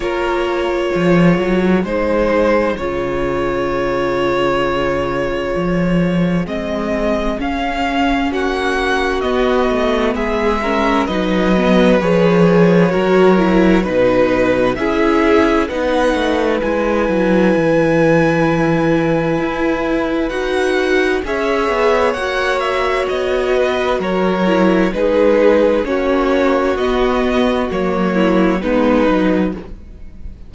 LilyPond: <<
  \new Staff \with { instrumentName = "violin" } { \time 4/4 \tempo 4 = 65 cis''2 c''4 cis''4~ | cis''2. dis''4 | f''4 fis''4 dis''4 e''4 | dis''4 cis''2 b'4 |
e''4 fis''4 gis''2~ | gis''2 fis''4 e''4 | fis''8 e''8 dis''4 cis''4 b'4 | cis''4 dis''4 cis''4 b'4 | }
  \new Staff \with { instrumentName = "violin" } { \time 4/4 ais'4 gis'2.~ | gis'1~ | gis'4 fis'2 gis'8 ais'8 | b'2 ais'4 b'4 |
gis'4 b'2.~ | b'2. cis''4~ | cis''4. b'8 ais'4 gis'4 | fis'2~ fis'8 e'8 dis'4 | }
  \new Staff \with { instrumentName = "viola" } { \time 4/4 f'2 dis'4 f'4~ | f'2. c'4 | cis'2 b4. cis'8 | dis'8 b8 gis'4 fis'8 e'8 dis'4 |
e'4 dis'4 e'2~ | e'2 fis'4 gis'4 | fis'2~ fis'8 e'8 dis'4 | cis'4 b4 ais4 b8 dis'8 | }
  \new Staff \with { instrumentName = "cello" } { \time 4/4 ais4 f8 fis8 gis4 cis4~ | cis2 f4 gis4 | cis'4 ais4 b8 a8 gis4 | fis4 f4 fis4 b,4 |
cis'4 b8 a8 gis8 fis8 e4~ | e4 e'4 dis'4 cis'8 b8 | ais4 b4 fis4 gis4 | ais4 b4 fis4 gis8 fis8 | }
>>